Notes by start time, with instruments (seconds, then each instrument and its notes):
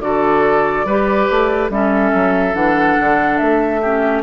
0.00 bassoon D3, clarinet F#4, oboe A4, flute D5
0.84 bassoon G3, clarinet G4, oboe B4
1.30 bassoon A3
1.69 bassoon G3, clarinet C#4, oboe A4, flute E5
2.13 bassoon F#3
2.54 bassoon E3, clarinet D4, flute F#5
2.99 bassoon D3
3.37 bassoon A3, flute E5
3.81 clarinet C#4, oboe G4